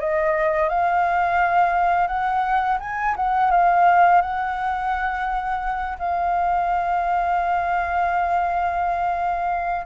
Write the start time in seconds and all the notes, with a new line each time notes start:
0.00 D#5
0.69 F5
2.08 F#5
2.80 G#5
3.16 F#5
3.51 F5
4.22 F#5
5.99 F5